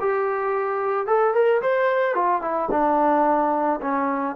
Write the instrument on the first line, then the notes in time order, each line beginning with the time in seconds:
trombone
0.00 G4
1.07 A4
1.34 A#4
1.62 C5
2.14 F4
2.41 E4
2.71 D4
3.81 C#4